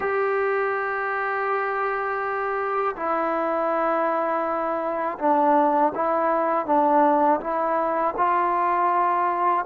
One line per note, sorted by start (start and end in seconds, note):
0.00 2.95 G4
2.96 5.18 E4
5.19 5.93 D4
5.95 6.66 E4
6.66 7.40 D4
7.40 8.14 E4
8.17 9.65 F4